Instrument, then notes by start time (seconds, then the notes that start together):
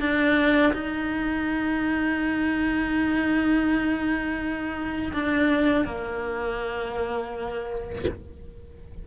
cello
0.00 D4
0.74 D#4
5.13 D4
5.86 A#3